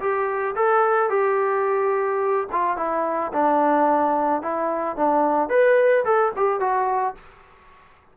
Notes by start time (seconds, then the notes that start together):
0.00 G4
0.56 A4
1.10 G4
2.52 F4
2.77 E4
3.33 D4
4.42 E4
4.97 D4
5.49 B4
6.05 A4
6.37 G4
6.60 F#4